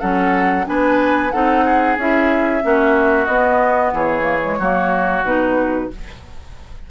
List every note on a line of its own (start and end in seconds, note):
0.00 0.67 F#3
0.00 0.65 C#4
0.00 0.65 A4
0.00 0.65 F#5
0.65 1.33 B3
0.65 1.30 D4
0.65 1.33 B4
0.65 1.31 G#5
1.31 1.98 C4
1.31 1.98 D#4
1.31 1.65 A4
1.31 1.96 F#5
1.65 2.63 G#4
1.98 2.63 C#4
1.98 2.62 E4
1.98 3.26 E5
2.62 3.27 A#3
2.62 3.27 C#4
2.62 3.94 F#4
3.26 3.93 B3
3.26 4.22 B3
3.26 3.91 D#5
3.93 4.59 E3
3.93 4.59 G#4
3.93 5.25 C#5
4.22 4.38 A#3
4.43 4.60 G#3
4.59 5.23 F#3
4.59 5.25 A#3
4.59 5.89 F#4
5.23 5.88 B2
5.23 5.90 D#4
5.23 5.90 B4